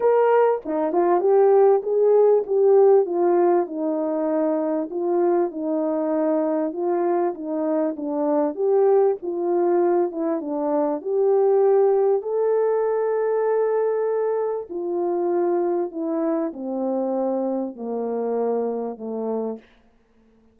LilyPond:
\new Staff \with { instrumentName = "horn" } { \time 4/4 \tempo 4 = 98 ais'4 dis'8 f'8 g'4 gis'4 | g'4 f'4 dis'2 | f'4 dis'2 f'4 | dis'4 d'4 g'4 f'4~ |
f'8 e'8 d'4 g'2 | a'1 | f'2 e'4 c'4~ | c'4 ais2 a4 | }